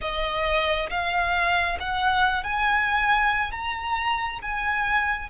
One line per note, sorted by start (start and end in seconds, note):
0.01 0.89 D#5
0.89 1.78 F5
1.79 2.43 F#5
2.43 3.51 G#5
3.51 4.39 A#5
4.42 5.29 G#5